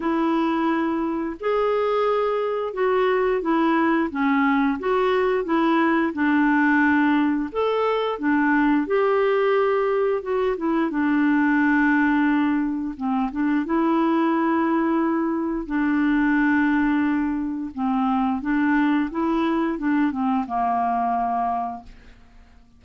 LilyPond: \new Staff \with { instrumentName = "clarinet" } { \time 4/4 \tempo 4 = 88 e'2 gis'2 | fis'4 e'4 cis'4 fis'4 | e'4 d'2 a'4 | d'4 g'2 fis'8 e'8 |
d'2. c'8 d'8 | e'2. d'4~ | d'2 c'4 d'4 | e'4 d'8 c'8 ais2 | }